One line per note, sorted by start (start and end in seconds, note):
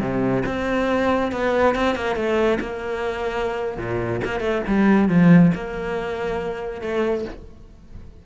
0.00 0.43 C3
0.45 1.32 C4
1.32 1.75 B3
1.75 1.95 C4
1.95 2.15 A#3
2.15 2.58 A3
2.60 3.77 A#3
3.77 4.20 A#2
4.24 4.40 A#3
4.40 4.61 A3
4.67 5.09 G3
5.09 5.52 F3
5.54 6.81 A#3
6.81 7.24 A3